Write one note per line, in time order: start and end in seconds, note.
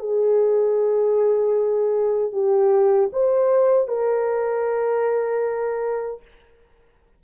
0.00 2.33 G#4
2.33 3.11 G4
3.13 3.88 C5
3.88 6.22 A#4